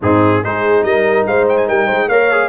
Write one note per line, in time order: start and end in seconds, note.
0.01 0.43 G#2
0.01 0.43 C4
0.01 0.44 D#4
0.01 0.43 G#4
0.43 0.84 G#3
0.43 2.11 D#4
0.43 0.86 G#4
0.43 0.83 C5
0.83 1.26 G3
0.83 1.27 A#4
0.83 1.25 D#5
1.26 1.68 G#3
1.26 1.68 C5
1.26 1.47 F5
1.49 1.57 G5
1.57 1.67 G#5
1.68 1.89 G3
1.68 1.86 A#4
1.68 2.08 G5
1.86 2.08 G#3
1.86 2.07 C5
2.08 2.48 A#3
2.08 2.31 A#4
2.08 2.48 C#5
2.08 2.48 F5
2.31 2.48 G#4